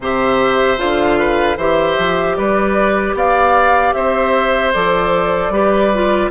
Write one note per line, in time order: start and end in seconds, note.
0.00 0.77 C3
0.00 0.77 G4
0.00 1.18 C5
0.00 0.79 E5
0.77 1.56 D3
0.77 1.56 F4
0.77 1.58 F5
1.18 1.57 B4
1.56 1.96 E3
1.56 4.74 G4
1.56 2.36 C5
1.56 2.36 E5
1.98 2.37 F3
2.36 3.14 G3
2.36 3.16 B4
2.36 3.14 D5
3.14 3.93 B3
3.14 3.95 D5
3.14 3.93 F5
3.93 4.73 C4
3.93 5.52 C5
3.93 4.72 E5
4.72 5.49 F3
4.72 5.53 A4
4.72 6.30 D5
5.49 6.28 G3
5.49 5.92 G4
5.49 6.30 B4
5.93 6.30 F4